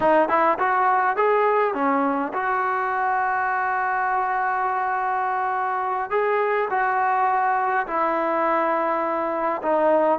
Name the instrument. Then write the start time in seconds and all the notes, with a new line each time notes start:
trombone
0.00 D#4
0.29 E4
0.58 F#4
1.16 G#4
1.74 C#4
2.33 F#4
6.10 G#4
6.70 F#4
7.86 E4
9.62 D#4